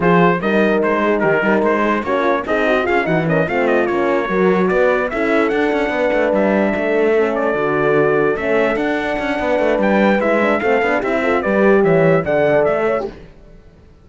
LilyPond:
<<
  \new Staff \with { instrumentName = "trumpet" } { \time 4/4 \tempo 4 = 147 c''4 dis''4 c''4 ais'4 | c''4 cis''4 dis''4 f''8 fis''8 | dis''8 f''8 dis''8 cis''2 d''8~ | d''8 e''4 fis''2 e''8~ |
e''2 d''2~ | d''8 e''4 fis''2~ fis''8 | g''4 e''4 f''4 e''4 | d''4 e''4 fis''4 e''4 | }
  \new Staff \with { instrumentName = "horn" } { \time 4/4 gis'4 ais'4. gis'8 g'8 ais'8~ | ais'8 gis'8 fis'8 f'8 dis'4 gis'8 fis'8 | ais'8 f'2 ais'4 b'8~ | b'8 a'2 b'4.~ |
b'8 a'2.~ a'8~ | a'2. b'4~ | b'2 a'4 g'8 a'8 | b'4 cis''4 d''4. cis''8 | }
  \new Staff \with { instrumentName = "horn" } { \time 4/4 f'4 dis'2.~ | dis'4 cis'4 gis'8 fis'8 f'8 dis'8 | cis'8 c'4 cis'4 fis'4.~ | fis'8 e'4 d'2~ d'8~ |
d'4. cis'4 fis'4.~ | fis'8 cis'4 d'2~ d'8~ | d'4 e'8 d'8 c'8 d'8 e'8 f'8 | g'2 a'4.~ a'16 g'16 | }
  \new Staff \with { instrumentName = "cello" } { \time 4/4 f4 g4 gis4 dis8 g8 | gis4 ais4 c'4 cis'8 e8~ | e8 a4 ais4 fis4 b8~ | b8 cis'4 d'8 cis'8 b8 a8 g8~ |
g8 a2 d4.~ | d8 a4 d'4 cis'8 b8 a8 | g4 gis4 a8 b8 c'4 | g4 e4 d4 a4 | }
>>